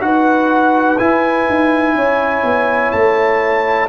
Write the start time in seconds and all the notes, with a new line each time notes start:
0.00 D#4 F#4 B4 F#5
0.98 E4 G#5
1.49 D#4
1.95 C#4 C#5
2.43 B3
2.91 A3 A5